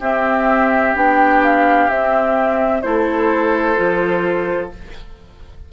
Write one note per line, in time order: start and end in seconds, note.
0.00 0.94 C4
0.00 0.96 C4
0.00 2.81 G4
0.00 0.96 E5
0.95 1.89 B3
0.95 1.90 D4
0.95 1.43 G5
1.44 1.90 F5
1.89 2.83 C4
1.89 2.84 C4
1.89 2.82 E5
2.82 3.78 A3
2.82 3.76 E4
2.82 4.73 A4
2.82 4.70 C5
3.76 4.73 F3
3.76 4.70 F4